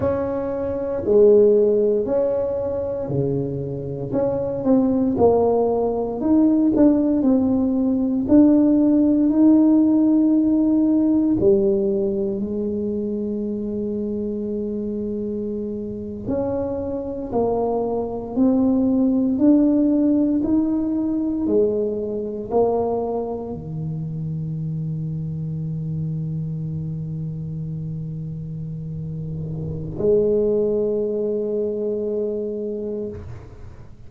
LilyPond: \new Staff \with { instrumentName = "tuba" } { \time 4/4 \tempo 4 = 58 cis'4 gis4 cis'4 cis4 | cis'8 c'8 ais4 dis'8 d'8 c'4 | d'4 dis'2 g4 | gis2.~ gis8. cis'16~ |
cis'8. ais4 c'4 d'4 dis'16~ | dis'8. gis4 ais4 dis4~ dis16~ | dis1~ | dis4 gis2. | }